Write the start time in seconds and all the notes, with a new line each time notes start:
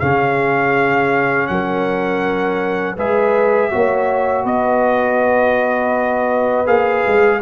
0.00 C#3 C#4 G#4 F5
1.47 F#3 A#4 F#5
2.96 G#3 G#4 B4 E5
3.71 A#3 F#4 C#5
4.44 B3 B4 D#5
6.66 A#3 G#4 F5
7.07 G#3